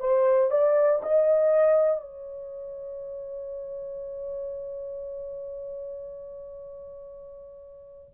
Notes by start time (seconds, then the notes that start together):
0.00 C5
0.51 D5
1.03 D#5
2.01 C#5